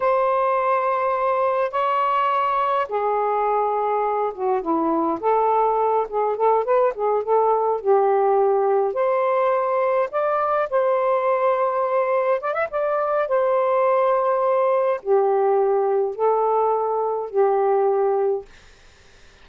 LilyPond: \new Staff \with { instrumentName = "saxophone" } { \time 4/4 \tempo 4 = 104 c''2. cis''4~ | cis''4 gis'2~ gis'8 fis'8 | e'4 a'4. gis'8 a'8 b'8 | gis'8 a'4 g'2 c''8~ |
c''4. d''4 c''4.~ | c''4. d''16 e''16 d''4 c''4~ | c''2 g'2 | a'2 g'2 | }